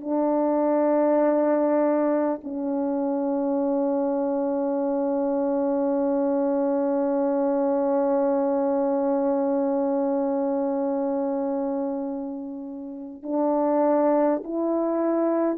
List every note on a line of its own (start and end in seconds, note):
0.00 2.40 D4
2.43 13.22 C#4
13.22 14.42 D4
14.44 15.57 E4